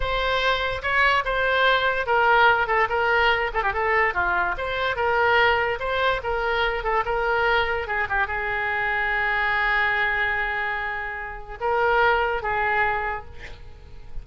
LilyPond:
\new Staff \with { instrumentName = "oboe" } { \time 4/4 \tempo 4 = 145 c''2 cis''4 c''4~ | c''4 ais'4. a'8 ais'4~ | ais'8 a'16 g'16 a'4 f'4 c''4 | ais'2 c''4 ais'4~ |
ais'8 a'8 ais'2 gis'8 g'8 | gis'1~ | gis'1 | ais'2 gis'2 | }